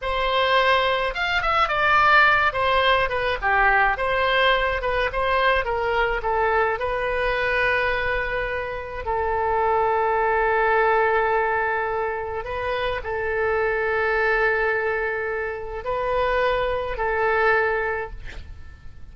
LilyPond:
\new Staff \with { instrumentName = "oboe" } { \time 4/4 \tempo 4 = 106 c''2 f''8 e''8 d''4~ | d''8 c''4 b'8 g'4 c''4~ | c''8 b'8 c''4 ais'4 a'4 | b'1 |
a'1~ | a'2 b'4 a'4~ | a'1 | b'2 a'2 | }